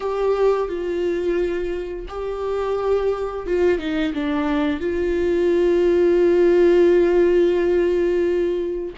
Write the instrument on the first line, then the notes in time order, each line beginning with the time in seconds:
viola
0.00 G4
0.68 F4
2.08 G4
3.46 F4
3.78 D#4
4.13 D4
4.80 F4